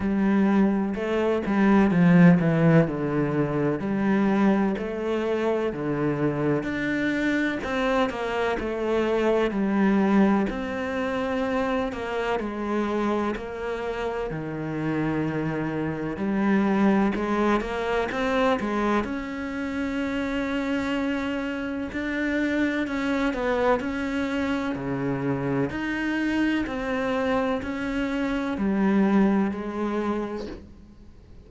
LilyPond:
\new Staff \with { instrumentName = "cello" } { \time 4/4 \tempo 4 = 63 g4 a8 g8 f8 e8 d4 | g4 a4 d4 d'4 | c'8 ais8 a4 g4 c'4~ | c'8 ais8 gis4 ais4 dis4~ |
dis4 g4 gis8 ais8 c'8 gis8 | cis'2. d'4 | cis'8 b8 cis'4 cis4 dis'4 | c'4 cis'4 g4 gis4 | }